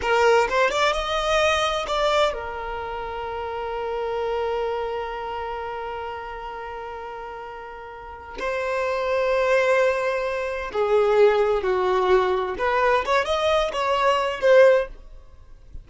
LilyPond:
\new Staff \with { instrumentName = "violin" } { \time 4/4 \tempo 4 = 129 ais'4 c''8 d''8 dis''2 | d''4 ais'2.~ | ais'1~ | ais'1~ |
ais'2 c''2~ | c''2. gis'4~ | gis'4 fis'2 b'4 | cis''8 dis''4 cis''4. c''4 | }